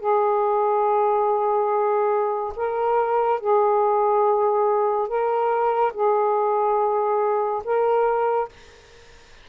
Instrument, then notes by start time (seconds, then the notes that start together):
saxophone
0.00 G#4
2.56 A#4
3.40 G#4
5.09 A#4
5.94 G#4
7.65 A#4